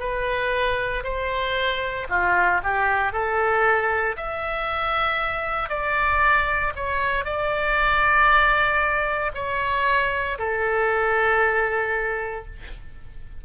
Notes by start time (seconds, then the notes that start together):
0.00 B4
1.04 C5
2.10 F4
2.63 G4
3.13 A4
4.17 E5
5.70 D5
6.76 C#5
7.25 D5
9.35 C#5
10.39 A4